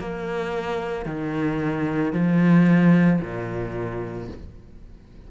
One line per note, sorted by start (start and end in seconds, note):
0.00 1.06 A#3
1.06 2.13 D#3
2.13 3.20 F3
3.21 4.28 A#2